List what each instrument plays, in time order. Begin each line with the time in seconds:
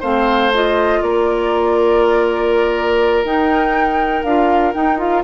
0.00 bassoon A3, clarinet C4, oboe C5, flute F5
0.54 clarinet F4, flute D#5
1.01 bassoon A#3, oboe A#4, flute D5
3.23 bassoon D#4, clarinet D#4, flute G5
4.23 bassoon D4, clarinet F4, flute F5
4.74 clarinet D#4, bassoon D#4, flute G5
4.98 clarinet F4, flute F5